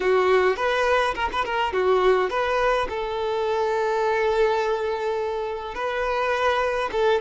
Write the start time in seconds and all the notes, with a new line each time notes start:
0.00 F#4
0.56 B4
1.14 A#4
1.32 B4
1.44 A#4
1.73 F#4
2.29 B4
2.89 A4
5.74 B4
6.92 A4